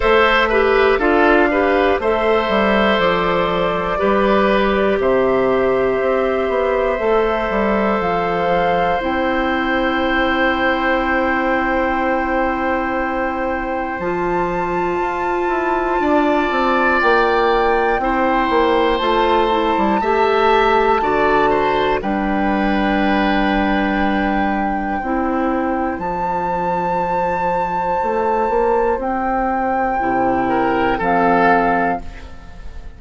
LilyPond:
<<
  \new Staff \with { instrumentName = "flute" } { \time 4/4 \tempo 4 = 60 e''4 f''4 e''4 d''4~ | d''4 e''2. | f''4 g''2.~ | g''2 a''2~ |
a''4 g''2 a''4~ | a''2 g''2~ | g''2 a''2~ | a''4 g''2 f''4 | }
  \new Staff \with { instrumentName = "oboe" } { \time 4/4 c''8 b'8 a'8 b'8 c''2 | b'4 c''2.~ | c''1~ | c''1 |
d''2 c''2 | e''4 d''8 c''8 b'2~ | b'4 c''2.~ | c''2~ c''8 ais'8 a'4 | }
  \new Staff \with { instrumentName = "clarinet" } { \time 4/4 a'8 g'8 f'8 g'8 a'2 | g'2. a'4~ | a'4 e'2.~ | e'2 f'2~ |
f'2 e'4 f'8 e'8 | g'4 fis'4 d'2~ | d'4 e'4 f'2~ | f'2 e'4 c'4 | }
  \new Staff \with { instrumentName = "bassoon" } { \time 4/4 a4 d'4 a8 g8 f4 | g4 c4 c'8 b8 a8 g8 | f4 c'2.~ | c'2 f4 f'8 e'8 |
d'8 c'8 ais4 c'8 ais8 a8. g16 | a4 d4 g2~ | g4 c'4 f2 | a8 ais8 c'4 c4 f4 | }
>>